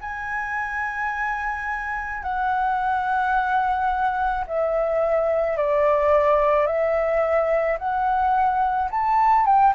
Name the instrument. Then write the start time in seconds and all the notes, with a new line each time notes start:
flute
0.00 G#5
2.22 F#5
4.46 E5
5.57 D5
6.66 E5
7.78 F#5
8.90 A5
9.45 G5